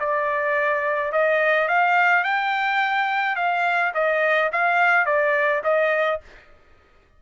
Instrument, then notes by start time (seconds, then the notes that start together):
trumpet
0.00 D5
1.13 D#5
1.69 F5
2.24 G5
3.36 F5
3.95 D#5
4.53 F5
5.06 D5
5.64 D#5